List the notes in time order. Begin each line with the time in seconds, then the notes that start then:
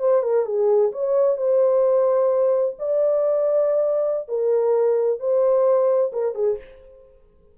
0.00 C5
0.23 A#4
0.46 G#4
0.92 C#5
1.38 C5
2.79 D5
4.29 A#4
5.20 C5
6.13 A#4
6.35 G#4